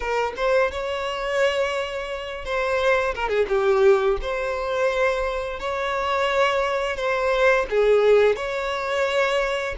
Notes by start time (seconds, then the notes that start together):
0.00 A#4
0.36 C5
0.71 C#5
2.44 C5
3.14 A#4
3.28 G#4
3.48 G4
4.21 C5
5.59 C#5
6.96 C5
7.69 G#4
8.36 C#5